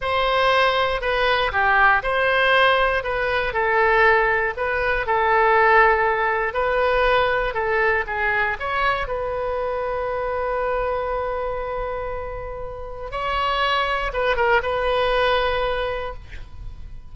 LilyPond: \new Staff \with { instrumentName = "oboe" } { \time 4/4 \tempo 4 = 119 c''2 b'4 g'4 | c''2 b'4 a'4~ | a'4 b'4 a'2~ | a'4 b'2 a'4 |
gis'4 cis''4 b'2~ | b'1~ | b'2 cis''2 | b'8 ais'8 b'2. | }